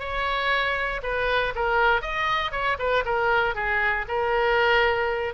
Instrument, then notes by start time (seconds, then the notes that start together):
oboe
0.00 C#5
1.03 B4
1.56 A#4
2.02 D#5
2.52 C#5
2.79 B4
3.06 A#4
3.55 G#4
4.08 A#4